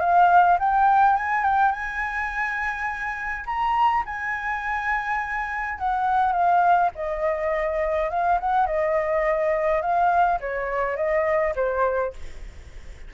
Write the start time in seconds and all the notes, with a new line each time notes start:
0.00 F5
0.59 G5
1.16 G#5
1.43 G5
1.72 G#5
3.46 A#5
4.05 G#5
5.78 F#5
6.32 F5
6.95 D#5
8.10 F5
8.40 F#5
8.66 D#5
9.81 F5
10.40 C#5
10.96 D#5
11.55 C5